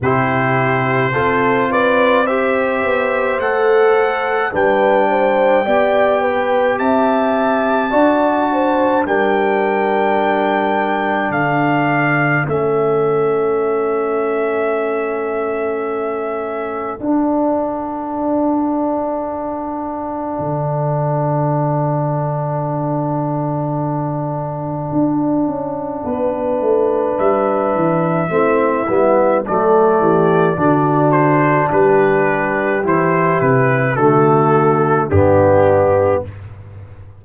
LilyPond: <<
  \new Staff \with { instrumentName = "trumpet" } { \time 4/4 \tempo 4 = 53 c''4. d''8 e''4 fis''4 | g''2 a''2 | g''2 f''4 e''4~ | e''2. fis''4~ |
fis''1~ | fis''1 | e''2 d''4. c''8 | b'4 c''8 b'8 a'4 g'4 | }
  \new Staff \with { instrumentName = "horn" } { \time 4/4 g'4 a'8 b'8 c''2 | b'8 c''8 d''8 b'8 e''4 d''8 c''8 | ais'2 a'2~ | a'1~ |
a'1~ | a'2. b'4~ | b'4 e'4 a'8 g'8 fis'4 | g'2 fis'4 d'4 | }
  \new Staff \with { instrumentName = "trombone" } { \time 4/4 e'4 f'4 g'4 a'4 | d'4 g'2 fis'4 | d'2. cis'4~ | cis'2. d'4~ |
d'1~ | d'1~ | d'4 c'8 b8 a4 d'4~ | d'4 e'4 a4 b4 | }
  \new Staff \with { instrumentName = "tuba" } { \time 4/4 c4 c'4. b8 a4 | g4 b4 c'4 d'4 | g2 d4 a4~ | a2. d'4~ |
d'2 d2~ | d2 d'8 cis'8 b8 a8 | g8 e8 a8 g8 fis8 e8 d4 | g4 e8 c8 d4 g,4 | }
>>